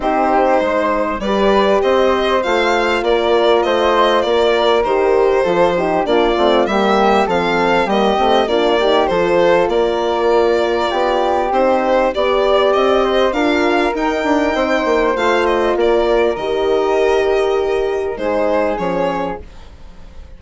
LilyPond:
<<
  \new Staff \with { instrumentName = "violin" } { \time 4/4 \tempo 4 = 99 c''2 d''4 dis''4 | f''4 d''4 dis''4 d''4 | c''2 d''4 e''4 | f''4 dis''4 d''4 c''4 |
d''2. c''4 | d''4 dis''4 f''4 g''4~ | g''4 f''8 dis''8 d''4 dis''4~ | dis''2 c''4 cis''4 | }
  \new Staff \with { instrumentName = "flute" } { \time 4/4 g'4 c''4 b'4 c''4~ | c''4 ais'4 c''4 ais'4~ | ais'4 a'8 g'8 f'4 g'4 | a'4 g'4 f'8 g'8 a'4 |
ais'2 g'2 | d''4. c''8 ais'2 | c''2 ais'2~ | ais'2 gis'2 | }
  \new Staff \with { instrumentName = "horn" } { \time 4/4 dis'2 g'2 | f'1 | g'4 f'8 dis'8 d'8 c'8 ais4 | c'4 ais8 c'8 d'8 dis'8 f'4~ |
f'2. dis'4 | g'2 f'4 dis'4~ | dis'4 f'2 g'4~ | g'2 dis'4 cis'4 | }
  \new Staff \with { instrumentName = "bassoon" } { \time 4/4 c'4 gis4 g4 c'4 | a4 ais4 a4 ais4 | dis4 f4 ais8 a8 g4 | f4 g8 a8 ais4 f4 |
ais2 b4 c'4 | b4 c'4 d'4 dis'8 d'8 | c'8 ais8 a4 ais4 dis4~ | dis2 gis4 f4 | }
>>